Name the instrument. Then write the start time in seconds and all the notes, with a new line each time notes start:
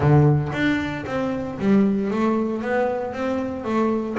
double bass
0.00 D3
0.52 D4
1.06 C4
1.58 G3
2.10 A3
2.62 B3
3.13 C4
3.64 A3